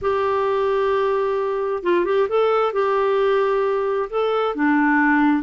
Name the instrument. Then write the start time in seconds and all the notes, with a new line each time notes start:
clarinet
0.01 G4
1.83 F4
2.05 G4
2.29 A4
2.72 G4
4.10 A4
4.55 D4